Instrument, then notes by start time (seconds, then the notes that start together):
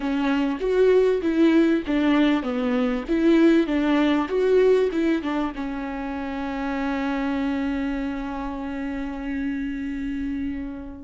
viola
0.00 C#4
0.60 F#4
1.22 E4
1.86 D4
2.42 B3
3.08 E4
3.67 D4
4.28 F#4
4.91 E4
5.22 D4
5.55 C#4